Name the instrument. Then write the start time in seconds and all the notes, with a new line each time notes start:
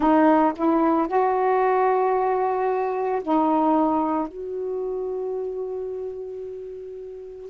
saxophone
0.00 D#4
0.56 E4
1.07 F#4
3.22 D#4
4.28 F#4